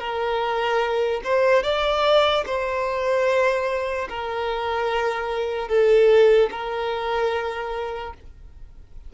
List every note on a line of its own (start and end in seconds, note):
0.00 1.22 A#4
1.24 1.64 C5
1.64 2.45 D5
2.46 4.08 C5
4.09 5.69 A#4
5.69 6.50 A4
6.52 8.14 A#4